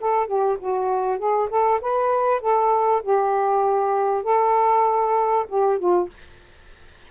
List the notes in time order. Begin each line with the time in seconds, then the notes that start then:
0.00 A4
0.26 G4
0.59 F#4
1.18 G#4
1.49 A4
1.81 B4
2.40 A4
3.03 G4
4.23 A4
5.48 G4
5.78 F4